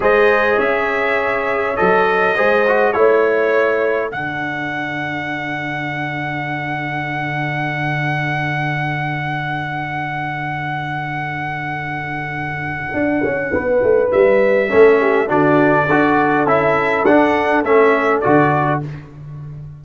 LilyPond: <<
  \new Staff \with { instrumentName = "trumpet" } { \time 4/4 \tempo 4 = 102 dis''4 e''2 dis''4~ | dis''4 cis''2 fis''4~ | fis''1~ | fis''1~ |
fis''1~ | fis''1 | e''2 d''2 | e''4 fis''4 e''4 d''4 | }
  \new Staff \with { instrumentName = "horn" } { \time 4/4 c''4 cis''2. | c''4 cis''2 a'4~ | a'1~ | a'1~ |
a'1~ | a'2. b'4~ | b'4 a'8 g'8 fis'4 a'4~ | a'1 | }
  \new Staff \with { instrumentName = "trombone" } { \time 4/4 gis'2. a'4 | gis'8 fis'8 e'2 d'4~ | d'1~ | d'1~ |
d'1~ | d'1~ | d'4 cis'4 d'4 fis'4 | e'4 d'4 cis'4 fis'4 | }
  \new Staff \with { instrumentName = "tuba" } { \time 4/4 gis4 cis'2 fis4 | gis4 a2 d4~ | d1~ | d1~ |
d1~ | d2 d'8 cis'8 b8 a8 | g4 a4 d4 d'4 | cis'4 d'4 a4 d4 | }
>>